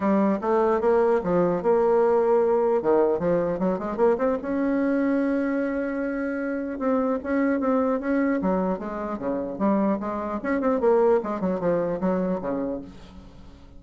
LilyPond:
\new Staff \with { instrumentName = "bassoon" } { \time 4/4 \tempo 4 = 150 g4 a4 ais4 f4 | ais2. dis4 | f4 fis8 gis8 ais8 c'8 cis'4~ | cis'1~ |
cis'4 c'4 cis'4 c'4 | cis'4 fis4 gis4 cis4 | g4 gis4 cis'8 c'8 ais4 | gis8 fis8 f4 fis4 cis4 | }